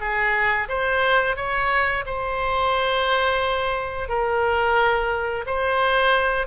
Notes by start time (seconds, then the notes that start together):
0.00 G#4
0.68 C5
1.36 C#5
2.06 C5
4.09 A#4
5.46 C5